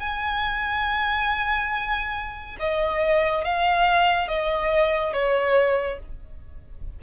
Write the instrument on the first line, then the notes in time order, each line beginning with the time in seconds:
violin
0.00 G#5
2.60 D#5
3.45 F5
4.28 D#5
5.14 C#5